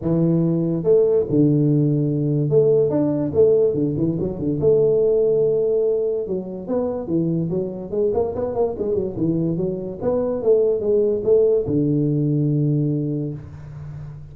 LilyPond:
\new Staff \with { instrumentName = "tuba" } { \time 4/4 \tempo 4 = 144 e2 a4 d4~ | d2 a4 d'4 | a4 d8 e8 fis8 d8 a4~ | a2. fis4 |
b4 e4 fis4 gis8 ais8 | b8 ais8 gis8 fis8 e4 fis4 | b4 a4 gis4 a4 | d1 | }